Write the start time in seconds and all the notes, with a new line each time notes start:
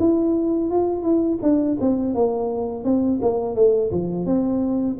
0.00 E4
0.71 F4
1.03 E4
1.43 D4
1.81 C4
2.15 A#3
2.85 C4
3.22 A#3
3.56 A3
3.92 F3
4.26 C4